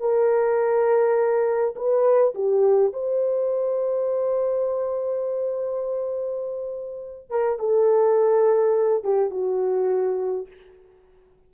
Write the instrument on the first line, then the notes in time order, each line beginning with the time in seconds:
horn
0.00 A#4
1.76 B4
2.35 G4
2.93 C5
7.30 A#4
7.59 A4
9.04 G4
9.31 F#4